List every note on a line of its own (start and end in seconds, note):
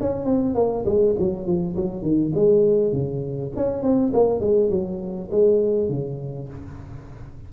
0.00 0.25 C#4
0.25 0.55 C4
0.55 0.84 A#3
0.85 1.15 G#3
1.19 1.46 F#3
1.46 1.76 F3
1.76 2.02 F#3
2.02 2.32 D#3
2.34 2.92 G#3
2.92 3.52 C#3
3.56 3.82 C#4
3.82 4.12 C4
4.13 4.40 A#3
4.40 4.70 G#3
4.70 5.29 F#3
5.31 5.89 G#3
5.89 6.48 C#3